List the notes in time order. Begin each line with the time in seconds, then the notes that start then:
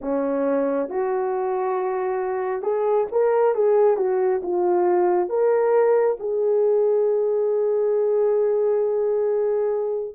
0.01 C#4
0.89 F#4
2.62 G#4
3.11 A#4
3.55 G#4
3.97 F#4
4.42 F4
5.29 A#4
6.19 G#4